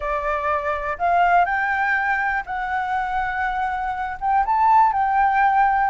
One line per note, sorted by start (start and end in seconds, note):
0.00 0.97 D5
0.98 1.45 F5
1.45 2.43 G5
2.46 4.18 F#5
4.20 4.45 G5
4.45 4.92 A5
4.92 5.90 G5